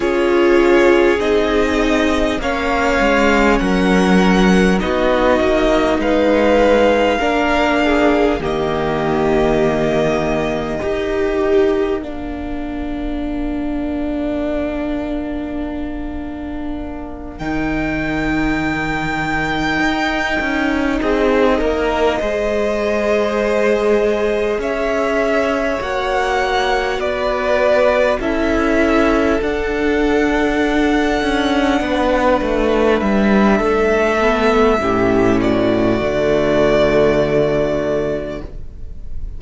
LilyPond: <<
  \new Staff \with { instrumentName = "violin" } { \time 4/4 \tempo 4 = 50 cis''4 dis''4 f''4 fis''4 | dis''4 f''2 dis''4~ | dis''2 f''2~ | f''2~ f''8 g''4.~ |
g''4. dis''2~ dis''8~ | dis''8 e''4 fis''4 d''4 e''8~ | e''8 fis''2. e''8~ | e''4. d''2~ d''8 | }
  \new Staff \with { instrumentName = "violin" } { \time 4/4 gis'2 cis''4 ais'4 | fis'4 b'4 ais'8 gis'8 g'4~ | g'4 ais'2.~ | ais'1~ |
ais'4. gis'8 ais'8 c''4.~ | c''8 cis''2 b'4 a'8~ | a'2~ a'8 b'4. | a'4 g'8 fis'2~ fis'8 | }
  \new Staff \with { instrumentName = "viola" } { \time 4/4 f'4 dis'4 cis'2 | dis'2 d'4 ais4~ | ais4 g'4 d'2~ | d'2~ d'8 dis'4.~ |
dis'2~ dis'8 gis'4.~ | gis'4. fis'2 e'8~ | e'8 d'2.~ d'8~ | d'8 b8 cis'4 a2 | }
  \new Staff \with { instrumentName = "cello" } { \time 4/4 cis'4 c'4 ais8 gis8 fis4 | b8 ais8 gis4 ais4 dis4~ | dis4 dis'4 ais2~ | ais2~ ais8 dis4.~ |
dis8 dis'8 cis'8 c'8 ais8 gis4.~ | gis8 cis'4 ais4 b4 cis'8~ | cis'8 d'4. cis'8 b8 a8 g8 | a4 a,4 d2 | }
>>